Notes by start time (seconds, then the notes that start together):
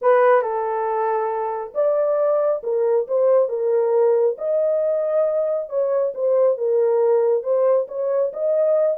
0.01 B4
0.42 A4
1.74 D5
2.63 A#4
3.07 C5
3.48 A#4
4.38 D#5
5.69 C#5
6.14 C5
6.57 A#4
7.43 C5
7.88 C#5
8.33 D#5